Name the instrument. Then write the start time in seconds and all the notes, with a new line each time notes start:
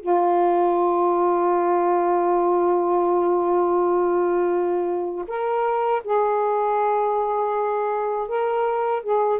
saxophone
0.00 F4
5.27 A#4
6.04 G#4
8.28 A#4
9.03 G#4